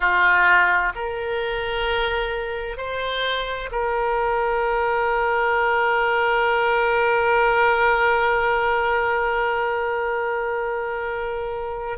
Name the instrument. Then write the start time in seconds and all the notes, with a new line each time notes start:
oboe
0.00 F4
0.95 A#4
2.77 C5
3.71 A#4